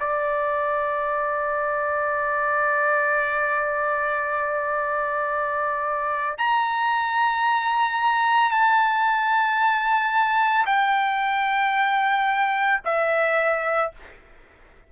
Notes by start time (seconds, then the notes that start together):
0.00 D5
6.38 A#5
8.51 A5
10.66 G5
12.85 E5